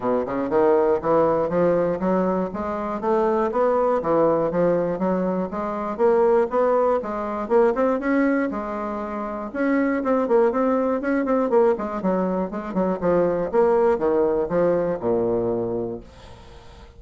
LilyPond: \new Staff \with { instrumentName = "bassoon" } { \time 4/4 \tempo 4 = 120 b,8 cis8 dis4 e4 f4 | fis4 gis4 a4 b4 | e4 f4 fis4 gis4 | ais4 b4 gis4 ais8 c'8 |
cis'4 gis2 cis'4 | c'8 ais8 c'4 cis'8 c'8 ais8 gis8 | fis4 gis8 fis8 f4 ais4 | dis4 f4 ais,2 | }